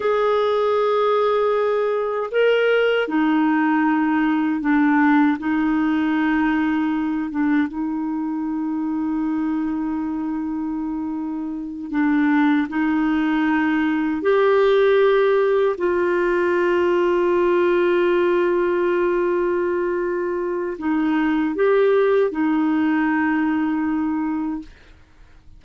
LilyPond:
\new Staff \with { instrumentName = "clarinet" } { \time 4/4 \tempo 4 = 78 gis'2. ais'4 | dis'2 d'4 dis'4~ | dis'4. d'8 dis'2~ | dis'2.~ dis'8 d'8~ |
d'8 dis'2 g'4.~ | g'8 f'2.~ f'8~ | f'2. dis'4 | g'4 dis'2. | }